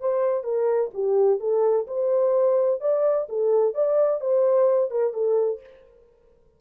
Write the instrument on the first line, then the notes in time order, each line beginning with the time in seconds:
horn
0.00 C5
0.43 A#4
0.94 G4
1.39 A4
1.87 C5
2.80 D5
3.29 A4
3.74 D5
4.21 C5
4.90 A#4
5.13 A4